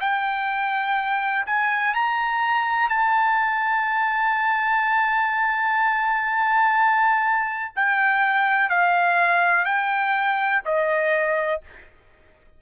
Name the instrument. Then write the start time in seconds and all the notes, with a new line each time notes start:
trumpet
0.00 G5
1.46 G#5
1.94 A#5
2.89 A5
7.76 G5
8.69 F5
9.65 G5
10.65 D#5